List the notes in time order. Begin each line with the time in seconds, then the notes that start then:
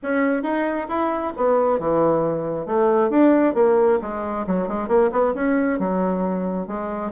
0.02 C#4
0.42 D#4
0.88 E4
1.36 B3
1.79 E3
2.65 A3
3.10 D4
3.54 A#3
4.01 G#3
4.46 F#3
4.67 G#3
4.88 A#3
5.12 B3
5.34 C#4
5.79 F#3
6.67 G#3